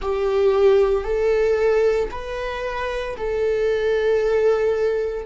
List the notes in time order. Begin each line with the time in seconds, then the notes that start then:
0.01 G4
1.04 A4
2.11 B4
3.16 A4